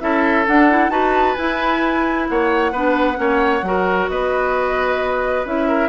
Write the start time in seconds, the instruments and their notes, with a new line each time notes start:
0.00 bassoon C#4, clarinet E4, oboe A4, flute E5
0.47 bassoon D4, clarinet D4, flute F#5
0.71 clarinet E4
0.89 bassoon D#4, clarinet F#4, oboe B4, flute A5
1.35 clarinet E4, bassoon E4, flute G#5
2.29 bassoon A#3, oboe C#5, flute F#5
2.72 bassoon B3, clarinet D4, oboe B4
3.15 bassoon A#3, clarinet C#4, oboe C#5
3.62 bassoon F#3, clarinet F#4, oboe A#4
4.09 bassoon B3, oboe B4, flute D#5
5.45 bassoon C#4, clarinet E4, flute E5
5.68 oboe A#4